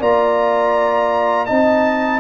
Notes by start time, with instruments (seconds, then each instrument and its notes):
0.00 tuba A#3, trombone F4, horn D5, trumpet A#5
1.46 tuba C4, trombone D#4, horn D#5, trumpet A5